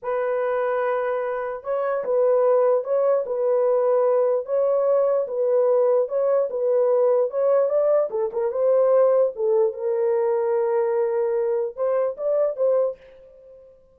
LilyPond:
\new Staff \with { instrumentName = "horn" } { \time 4/4 \tempo 4 = 148 b'1 | cis''4 b'2 cis''4 | b'2. cis''4~ | cis''4 b'2 cis''4 |
b'2 cis''4 d''4 | a'8 ais'8 c''2 a'4 | ais'1~ | ais'4 c''4 d''4 c''4 | }